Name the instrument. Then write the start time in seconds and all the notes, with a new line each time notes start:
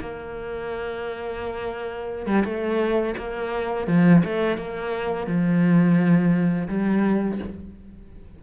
cello
0.00 A#3
2.26 G3
2.44 A3
3.17 A#3
3.87 F3
4.24 A3
4.57 A#3
5.27 F3
6.68 G3